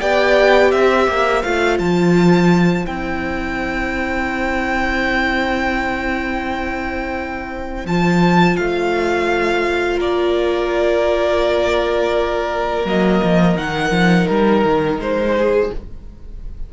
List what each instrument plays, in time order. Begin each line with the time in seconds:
0.00 cello B3, viola G4, violin D5 G5
0.71 cello C4, violin C5 E5
1.08 cello A#3
1.42 cello A3, viola F4, violin F5
1.79 cello F3, violin A5
2.85 cello C4, viola E4, violin G5
7.86 cello F3, viola F4, violin A5
8.57 cello A3, violin F5
9.97 cello A#3, violin A#4 D5
12.85 cello F#3, viola A#3, violin D#5
13.24 cello F3
13.57 cello D#3, viola D#4, violin F#5
13.91 cello F3
14.28 cello G3, violin A#4
14.65 cello D#3
14.99 cello G#3, violin C5
15.38 violin G#4